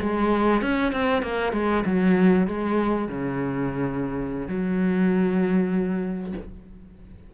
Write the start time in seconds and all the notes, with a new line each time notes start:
0.00 G#3
0.62 C#4
0.93 C4
1.23 A#3
1.53 G#3
1.86 F#3
2.47 G#3
3.09 C#3
4.48 F#3